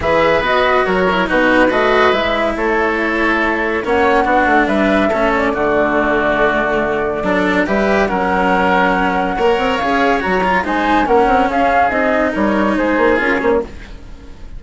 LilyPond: <<
  \new Staff \with { instrumentName = "flute" } { \time 4/4 \tempo 4 = 141 e''4 dis''4 cis''4 b'4 | dis''4 e''4 cis''2~ | cis''4 fis''2 e''4~ | e''8 d''2.~ d''8~ |
d''2 e''4 fis''4~ | fis''2. f''4 | ais''4 gis''4 fis''4 f''4 | dis''4 cis''4 c''4 ais'8 c''16 cis''16 | }
  \new Staff \with { instrumentName = "oboe" } { \time 4/4 b'2 ais'4 fis'4 | b'2 a'2~ | a'4 cis''4 fis'4 b'4 | a'4 fis'2.~ |
fis'4 a'4 b'4 ais'4~ | ais'2 cis''2~ | cis''4 c''4 ais'4 gis'4~ | gis'4 ais'4 gis'2 | }
  \new Staff \with { instrumentName = "cello" } { \time 4/4 gis'4 fis'4. e'8 dis'4 | fis'4 e'2.~ | e'4 cis'4 d'2 | cis'4 a2.~ |
a4 d'4 g'4 cis'4~ | cis'2 ais'4 gis'4 | fis'8 f'8 dis'4 cis'2 | dis'2. f'8 cis'8 | }
  \new Staff \with { instrumentName = "bassoon" } { \time 4/4 e4 b4 fis4 b,4 | a4 gis4 a2~ | a4 ais4 b8 a8 g4 | a4 d2.~ |
d4 fis4 g4 fis4~ | fis2 ais8 c'8 cis'4 | fis4 gis4 ais8 c'8 cis'4 | c'4 g4 gis8 ais8 cis'8 ais8 | }
>>